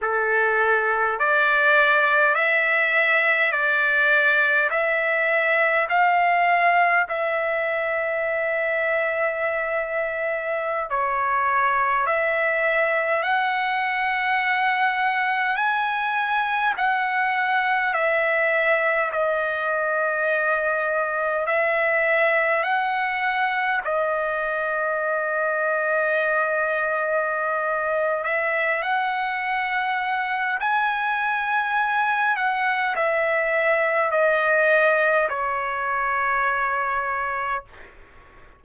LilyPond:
\new Staff \with { instrumentName = "trumpet" } { \time 4/4 \tempo 4 = 51 a'4 d''4 e''4 d''4 | e''4 f''4 e''2~ | e''4~ e''16 cis''4 e''4 fis''8.~ | fis''4~ fis''16 gis''4 fis''4 e''8.~ |
e''16 dis''2 e''4 fis''8.~ | fis''16 dis''2.~ dis''8. | e''8 fis''4. gis''4. fis''8 | e''4 dis''4 cis''2 | }